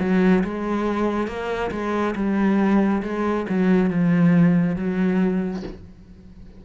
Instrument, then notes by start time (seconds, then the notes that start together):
cello
0.00 F#3
0.44 G#3
1.27 A#3
1.71 G#3
2.15 G3
3.03 G#3
3.49 F#3
3.90 F3
4.76 F#3